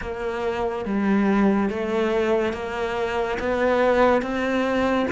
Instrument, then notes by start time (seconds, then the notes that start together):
cello
0.01 A#3
0.85 G3
1.69 A3
2.53 A#3
3.39 B3
4.21 C4